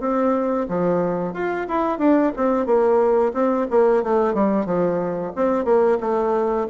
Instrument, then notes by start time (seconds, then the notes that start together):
bassoon
0.00 C4
0.68 F3
1.34 F4
1.68 E4
1.99 D4
2.36 C4
2.66 A#3
3.34 C4
3.70 A#3
4.03 A3
4.34 G3
4.66 F3
5.36 C4
5.65 A#3
6.01 A3